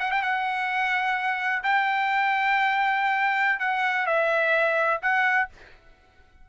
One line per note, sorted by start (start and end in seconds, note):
0.00 0.12 F#5
0.12 0.23 G5
0.23 1.63 F#5
1.63 3.60 G5
3.60 4.07 F#5
4.07 5.01 E5
5.02 5.49 F#5